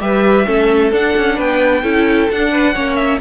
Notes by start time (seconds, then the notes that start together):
0.00 G3 G4 B4 E5
0.45 A3 C#4 A4
0.92 D4 F#5
1.17 C#4
1.36 B3 B4 G5
1.83 C#4 E4 A4
2.30 D4 F#5
2.51 B4
2.74 A#3 C#4 C#5
2.95 E5